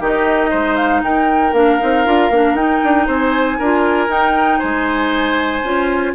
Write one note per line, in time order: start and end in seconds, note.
0.00 0.51 D#3
0.00 1.55 D#4
0.00 0.50 G4
0.00 0.76 D#5
0.50 1.03 G#3
0.50 1.02 C5
0.76 1.02 F5
1.03 1.53 D#4
1.03 3.07 A#4
1.03 1.54 G5
1.53 1.79 A#3
1.53 1.80 D4
1.53 2.55 F5
1.80 2.06 C4
1.80 2.05 D#4
2.06 2.30 D4
2.06 2.31 F4
2.30 2.54 A#3
2.30 2.58 D4
2.54 2.80 D#4
2.54 3.60 D#4
2.54 3.07 G5
2.84 3.08 D4
3.07 3.59 C4
3.07 3.58 C5
3.07 4.12 G#5
3.59 4.08 D4
3.59 4.09 F4
3.59 4.59 A#4
4.08 4.60 D#4
4.08 5.63 D#4
4.08 4.60 G5
4.59 5.63 G#3
4.59 6.13 C5
4.59 6.14 G#5
5.63 6.15 C#4
5.63 6.15 F4